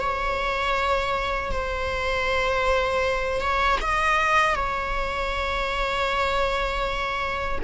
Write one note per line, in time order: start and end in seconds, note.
0.00 1.52 C#5
1.52 3.40 C5
3.40 3.78 C#5
3.81 4.55 D#5
4.55 7.59 C#5